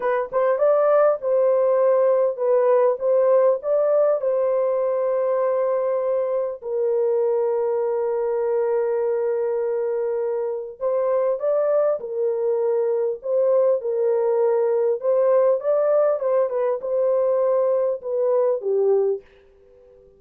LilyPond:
\new Staff \with { instrumentName = "horn" } { \time 4/4 \tempo 4 = 100 b'8 c''8 d''4 c''2 | b'4 c''4 d''4 c''4~ | c''2. ais'4~ | ais'1~ |
ais'2 c''4 d''4 | ais'2 c''4 ais'4~ | ais'4 c''4 d''4 c''8 b'8 | c''2 b'4 g'4 | }